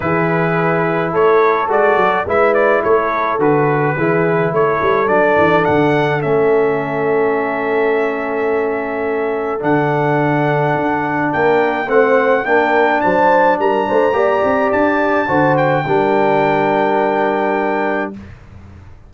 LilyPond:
<<
  \new Staff \with { instrumentName = "trumpet" } { \time 4/4 \tempo 4 = 106 b'2 cis''4 d''4 | e''8 d''8 cis''4 b'2 | cis''4 d''4 fis''4 e''4~ | e''1~ |
e''4 fis''2. | g''4 fis''4 g''4 a''4 | ais''2 a''4. g''8~ | g''1 | }
  \new Staff \with { instrumentName = "horn" } { \time 4/4 gis'2 a'2 | b'4 a'2 gis'4 | a'1~ | a'1~ |
a'1 | ais'4 c''4 ais'4 c''4 | ais'8 c''8 d''2 c''4 | ais'1 | }
  \new Staff \with { instrumentName = "trombone" } { \time 4/4 e'2. fis'4 | e'2 fis'4 e'4~ | e'4 d'2 cis'4~ | cis'1~ |
cis'4 d'2.~ | d'4 c'4 d'2~ | d'4 g'2 fis'4 | d'1 | }
  \new Staff \with { instrumentName = "tuba" } { \time 4/4 e2 a4 gis8 fis8 | gis4 a4 d4 e4 | a8 g8 fis8 e8 d4 a4~ | a1~ |
a4 d2 d'4 | ais4 a4 ais4 fis4 | g8 a8 ais8 c'8 d'4 d4 | g1 | }
>>